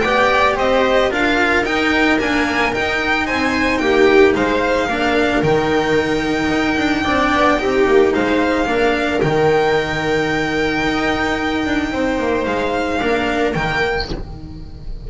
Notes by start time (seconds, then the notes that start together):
0.00 B3 G4 D5 G5
0.57 C4 C5 D#5
1.10 D4 F4 A#4 F5
1.64 D#4 G5
2.20 A#3 D4 G#5
2.73 D#4 G5
3.27 C4 C5 G#5
3.79 A#3 G4 G5
4.36 G#3 C5 F5
4.87 A#3 D4 A#4
5.43 D#3 D#4 G5
6.50 D#4
6.78 D4
7.05 C4 D4 D5
7.35 B3
7.58 C4 D#4 G4
7.87 A#3
8.14 G#3 C5 F5
8.66 A#3 D4 A#4
9.21 D#3 D#4 G5
10.84 D#4
11.66 D4
11.92 C4 C5
12.19 A#3
12.46 G#3 F5
13.00 A#3 D4 A#4
13.54 D#3 A#3 G5